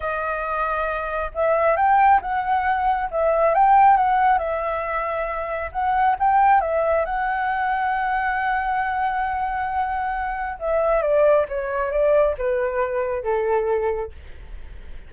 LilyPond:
\new Staff \with { instrumentName = "flute" } { \time 4/4 \tempo 4 = 136 dis''2. e''4 | g''4 fis''2 e''4 | g''4 fis''4 e''2~ | e''4 fis''4 g''4 e''4 |
fis''1~ | fis''1 | e''4 d''4 cis''4 d''4 | b'2 a'2 | }